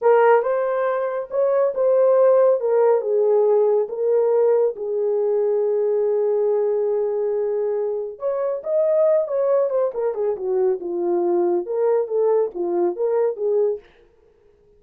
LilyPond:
\new Staff \with { instrumentName = "horn" } { \time 4/4 \tempo 4 = 139 ais'4 c''2 cis''4 | c''2 ais'4 gis'4~ | gis'4 ais'2 gis'4~ | gis'1~ |
gis'2. cis''4 | dis''4. cis''4 c''8 ais'8 gis'8 | fis'4 f'2 ais'4 | a'4 f'4 ais'4 gis'4 | }